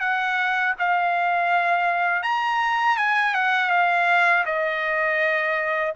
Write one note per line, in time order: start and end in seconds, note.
0.00 0.74 F#5
0.79 2.23 F5
2.23 2.97 A#5
2.98 3.35 G#5
3.35 3.70 F#5
3.70 4.44 F5
4.46 5.94 D#5